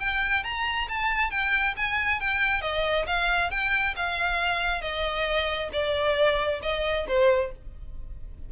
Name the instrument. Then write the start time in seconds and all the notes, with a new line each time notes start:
violin
0.00 G5
0.44 A#5
0.89 A5
1.31 G5
1.77 G#5
2.20 G5
2.62 D#5
3.07 F5
3.51 G5
3.97 F5
4.82 D#5
5.73 D5
6.63 D#5
7.08 C5